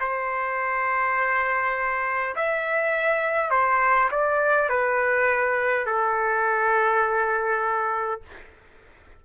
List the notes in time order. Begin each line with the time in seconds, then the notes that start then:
0.00 C5
2.35 E5
3.50 C5
4.11 D5
4.69 B4
5.86 A4